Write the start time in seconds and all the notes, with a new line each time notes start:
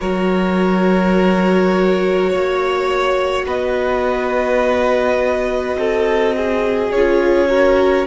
0.00 F#3 F#4 A#4 C#5
2.29 A#3 C#5
3.45 B3 B4 D#5
5.76 C4 A4
6.36 G#4
6.91 C#4 F4 C#5
7.48 F#4 A#4